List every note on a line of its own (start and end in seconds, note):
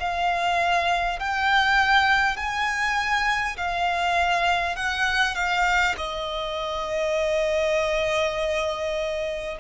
0.00 1.20 F5
1.20 2.37 G5
2.37 3.57 G#5
3.58 4.76 F5
4.76 5.36 F#5
5.36 5.96 F5
5.98 9.58 D#5